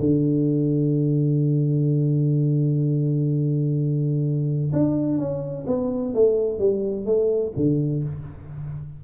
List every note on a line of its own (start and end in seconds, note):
0.00 4.72 D3
4.73 5.18 D4
5.18 5.66 C#4
5.67 6.14 B3
6.14 6.59 A3
6.59 7.06 G3
7.06 7.53 A3
7.57 8.04 D3